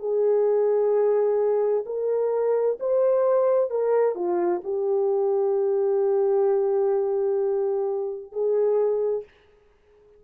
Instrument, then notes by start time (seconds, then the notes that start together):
horn
0.00 G#4
1.86 A#4
2.80 C5
3.70 A#4
4.15 F4
4.64 G4
8.32 G#4